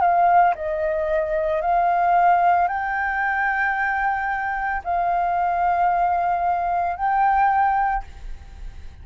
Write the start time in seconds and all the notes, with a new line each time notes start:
0.00 F5
0.55 D#5
1.61 F5
2.67 G5
4.84 F5
6.96 G5